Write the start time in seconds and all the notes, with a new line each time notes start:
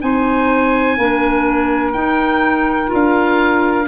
0.00 C4 D#4 C5 G#5
0.97 A#3 D4 A#4
1.92 D#4 G5
2.86 F4
2.93 D4 F5